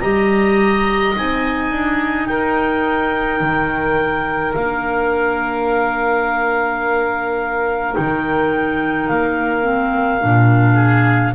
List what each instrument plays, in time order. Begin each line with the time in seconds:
0.00 double bass G3, clarinet G4 A#5, oboe D#5
1.15 double bass C4, clarinet D#4 G#5
1.71 double bass D4
2.26 double bass D#4, oboe A#4, clarinet G5
3.41 double bass D#3
4.54 double bass A#3, clarinet D4 F5
7.93 double bass D#3, clarinet D#4 G5
9.07 double bass A#3, clarinet F5
9.62 clarinet C4
10.21 double bass A#2, clarinet D4
10.74 oboe G#4